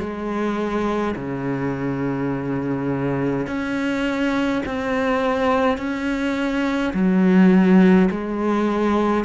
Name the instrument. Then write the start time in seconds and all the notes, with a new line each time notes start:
cello
0.00 G#3
1.16 C#3
3.47 C#4
4.66 C4
5.77 C#4
6.94 F#3
8.11 G#3